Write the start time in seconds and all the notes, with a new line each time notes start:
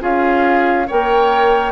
0.00 C#4 F4 G#4 F5
0.87 A#3 A#4 C#5 G5